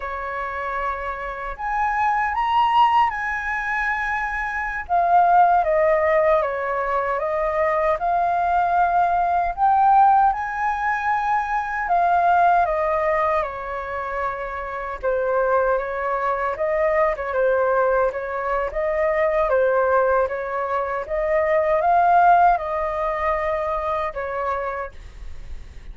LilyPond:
\new Staff \with { instrumentName = "flute" } { \time 4/4 \tempo 4 = 77 cis''2 gis''4 ais''4 | gis''2~ gis''16 f''4 dis''8.~ | dis''16 cis''4 dis''4 f''4.~ f''16~ | f''16 g''4 gis''2 f''8.~ |
f''16 dis''4 cis''2 c''8.~ | c''16 cis''4 dis''8. cis''16 c''4 cis''8. | dis''4 c''4 cis''4 dis''4 | f''4 dis''2 cis''4 | }